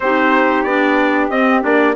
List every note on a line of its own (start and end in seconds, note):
0.00 0.64 C4
0.00 0.67 D#4
0.00 1.95 G4
0.00 0.63 C5
0.63 1.29 B3
0.63 1.31 D4
0.63 1.28 D5
1.29 1.62 C4
1.29 1.62 D#5
1.62 1.95 A#3
1.62 1.94 D4
1.62 1.95 D5